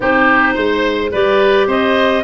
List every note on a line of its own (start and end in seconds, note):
0.00 0.56 C4
0.00 1.09 D#4
0.00 0.54 G4
0.00 1.12 C5
0.54 1.12 G#3
0.54 1.10 C5
1.11 1.67 G3
1.11 2.24 G4
1.11 1.67 B4
1.11 1.68 D5
1.67 2.23 C4
1.67 2.23 C5
1.67 2.24 D#5